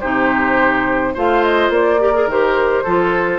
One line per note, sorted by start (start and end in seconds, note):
0.00 1.16 C3
0.00 1.15 D#4
0.00 1.14 G4
0.00 1.14 C5
1.14 1.69 A3
1.14 1.99 F4
1.14 1.99 C5
1.14 1.43 F5
1.43 1.71 D#5
1.69 2.25 A#3
1.69 2.30 D5
1.99 2.13 G4
1.99 2.83 A#4
2.14 2.28 G#4
2.25 2.82 D#3
2.25 2.85 G4
2.25 3.39 C5
2.83 3.39 F3
2.83 3.39 F4
2.83 3.39 A4